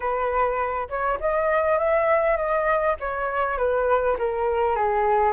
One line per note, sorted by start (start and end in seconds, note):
0.00 0.88 B4
0.89 1.18 C#5
1.20 1.78 D#5
1.78 2.36 E5
2.36 2.96 D#5
2.99 3.57 C#5
3.57 4.16 B4
4.18 4.75 A#4
4.75 5.32 G#4